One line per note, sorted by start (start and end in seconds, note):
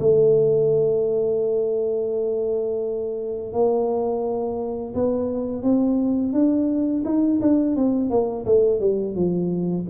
0.00 3.53 A3
3.53 4.94 A#3
4.95 5.62 B3
5.62 6.33 C4
6.33 7.03 D4
7.05 7.40 D#4
7.41 7.76 D4
7.76 8.10 C4
8.10 8.45 A#3
8.46 8.80 A3
8.80 9.15 G3
9.15 9.86 F3